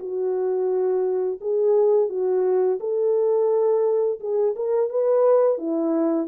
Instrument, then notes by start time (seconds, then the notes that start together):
horn
0.00 F#4
1.41 G#4
2.09 F#4
2.80 A4
4.20 G#4
4.56 A#4
4.90 B4
5.58 E4